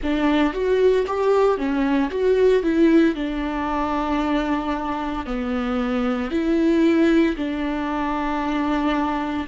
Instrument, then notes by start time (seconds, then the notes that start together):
viola
0.02 D4
0.53 F#4
1.06 G4
1.57 C#4
2.10 F#4
2.63 E4
3.15 D4
5.26 B3
6.30 E4
7.36 D4